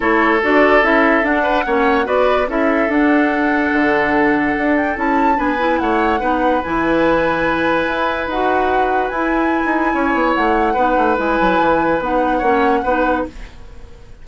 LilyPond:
<<
  \new Staff \with { instrumentName = "flute" } { \time 4/4 \tempo 4 = 145 cis''4 d''4 e''4 fis''4~ | fis''4 d''4 e''4 fis''4~ | fis''2.~ fis''8 g''8 | a''4 gis''4 fis''2 |
gis''1 | fis''2 gis''2~ | gis''4 fis''2 gis''4~ | gis''4 fis''2. | }
  \new Staff \with { instrumentName = "oboe" } { \time 4/4 a'2.~ a'8 b'8 | cis''4 b'4 a'2~ | a'1~ | a'4 b'4 cis''4 b'4~ |
b'1~ | b'1 | cis''2 b'2~ | b'2 cis''4 b'4 | }
  \new Staff \with { instrumentName = "clarinet" } { \time 4/4 e'4 fis'4 e'4 d'4 | cis'4 fis'4 e'4 d'4~ | d'1 | e'4 d'8 e'4. dis'4 |
e'1 | fis'2 e'2~ | e'2 dis'4 e'4~ | e'4 dis'4 cis'4 dis'4 | }
  \new Staff \with { instrumentName = "bassoon" } { \time 4/4 a4 d'4 cis'4 d'4 | ais4 b4 cis'4 d'4~ | d'4 d2 d'4 | cis'4 b4 a4 b4 |
e2. e'4 | dis'2 e'4~ e'16 dis'8. | cis'8 b8 a4 b8 a8 gis8 fis8 | e4 b4 ais4 b4 | }
>>